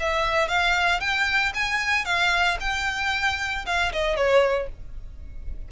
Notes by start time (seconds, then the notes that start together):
0.00 E5
0.48 F5
1.00 G5
1.55 G#5
2.05 F5
2.61 G5
3.66 F5
3.93 D#5
4.16 C#5